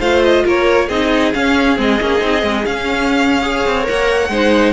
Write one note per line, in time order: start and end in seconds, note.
0.00 0.44 A3
0.00 0.90 F4
0.00 0.44 C5
0.00 0.23 F5
0.24 0.46 D#5
0.45 0.90 A#3
0.45 0.88 A#4
0.45 0.90 C#5
0.88 1.34 C4
0.88 1.34 D#4
0.88 3.42 G#4
0.88 1.34 D#5
1.34 1.77 C#4
1.34 1.79 C#4
1.34 1.78 F5
1.77 2.01 G#3
1.77 1.99 C4
1.77 2.66 D#5
2.01 2.21 A#3
2.01 2.19 C#4
2.19 2.43 C4
2.19 2.41 D#4
2.42 2.66 G#3
2.42 2.64 C4
2.65 3.42 C#4
2.65 3.65 C#4
2.65 3.87 F5
3.42 3.83 G#4
3.42 4.31 C#5
3.66 3.88 C4
3.83 4.28 A#4
3.83 4.73 F#5
3.90 4.29 A#3
4.29 4.73 G#3
4.29 4.73 D#4
4.29 4.73 C5